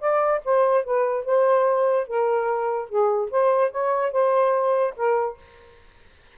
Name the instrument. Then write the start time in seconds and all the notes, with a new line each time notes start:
saxophone
0.00 D5
0.45 C5
0.84 B4
1.25 C5
2.07 A#4
2.89 G#4
3.30 C5
3.71 C#5
4.12 C5
4.96 A#4